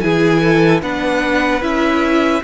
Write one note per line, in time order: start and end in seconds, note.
0.00 0.82 E3
0.00 0.82 E4
0.00 0.41 G#4
0.00 0.80 G#5
0.41 0.81 A4
0.82 1.62 B3
0.82 1.62 D4
0.82 2.42 B4
0.82 1.62 F#5
1.62 2.42 C#4
1.62 2.42 E4
1.62 2.43 E5